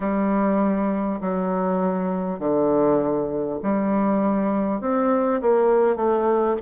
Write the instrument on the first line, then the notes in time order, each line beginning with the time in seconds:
bassoon
0.00 G3
1.21 F#3
2.39 D3
3.63 G3
4.81 C4
5.41 A#3
5.96 A3